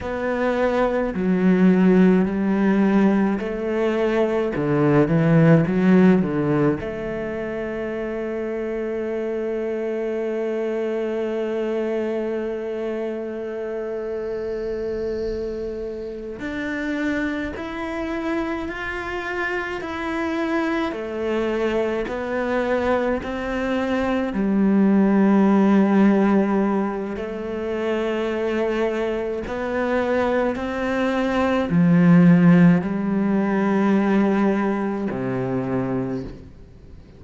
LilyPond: \new Staff \with { instrumentName = "cello" } { \time 4/4 \tempo 4 = 53 b4 fis4 g4 a4 | d8 e8 fis8 d8 a2~ | a1~ | a2~ a8 d'4 e'8~ |
e'8 f'4 e'4 a4 b8~ | b8 c'4 g2~ g8 | a2 b4 c'4 | f4 g2 c4 | }